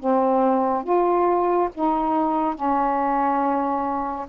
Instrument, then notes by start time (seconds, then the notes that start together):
saxophone
0.00 C4
0.84 F4
1.75 D#4
2.56 C#4